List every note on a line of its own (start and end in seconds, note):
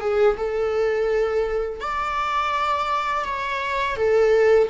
0.00 0.36 G#4
0.37 1.80 A4
1.80 3.25 D5
3.25 3.96 C#5
3.96 4.69 A4